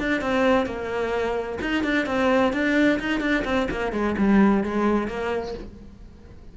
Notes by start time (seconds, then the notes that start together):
0.00 D4
0.21 C4
0.66 A#3
1.61 D#4
1.84 D4
2.06 C4
2.53 D4
3.00 D#4
3.21 D4
3.45 C4
3.71 A#3
3.93 G#3
4.18 G3
4.64 G#3
5.08 A#3